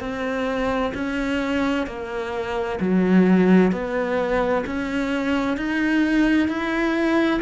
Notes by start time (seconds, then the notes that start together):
0.00 C4
0.94 C#4
1.87 A#3
2.80 F#3
3.72 B3
4.66 C#4
5.57 D#4
6.48 E4